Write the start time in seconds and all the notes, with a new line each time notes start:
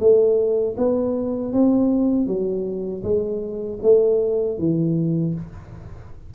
0.00 A3
0.77 B3
1.53 C4
2.27 F#3
3.03 G#3
3.82 A3
4.58 E3